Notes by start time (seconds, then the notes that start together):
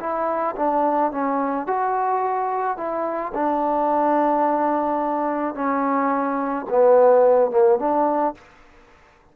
0.00 E4
0.56 D4
1.12 C#4
1.67 F#4
2.77 E4
3.34 D4
5.55 C#4
6.70 B3
7.51 A#3
7.79 D4